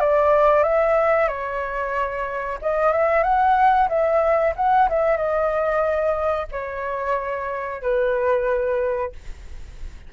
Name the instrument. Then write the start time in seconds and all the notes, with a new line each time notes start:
flute
0.00 D5
0.63 E5
1.28 C#5
2.61 D#5
2.92 E5
3.23 F#5
3.89 E5
4.56 F#5
4.89 E5
5.17 D#5
6.52 C#5
7.82 B4